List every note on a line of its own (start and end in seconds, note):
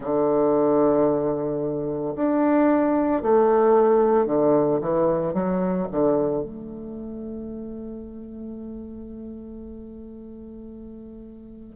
0.00 2.14 D3
2.15 3.22 D4
3.22 4.26 A3
4.26 4.79 D3
4.81 5.33 E3
5.33 5.87 F#3
5.91 6.42 D3
6.42 11.76 A3